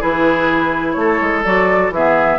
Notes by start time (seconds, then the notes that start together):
0.00 E3 E4 G#4 B4
0.93 A3 C#5
1.00 A4
1.21 G#3
1.44 F#3 F#4 D5
1.90 E3 G#4 E5
1.96 B3